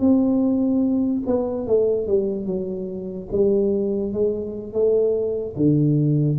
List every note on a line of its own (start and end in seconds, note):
0.00 1.23 C4
1.26 1.67 B3
1.67 2.07 A3
2.07 2.46 G3
2.46 3.28 F#3
3.32 4.13 G3
4.13 4.73 G#3
4.73 5.55 A3
5.56 6.38 D3